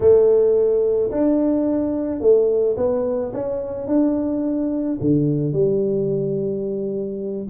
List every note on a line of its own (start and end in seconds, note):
0.00 1.10 A3
1.11 2.20 D4
2.20 2.76 A3
2.77 3.32 B3
3.33 3.87 C#4
3.87 4.98 D4
5.01 5.53 D3
5.53 7.47 G3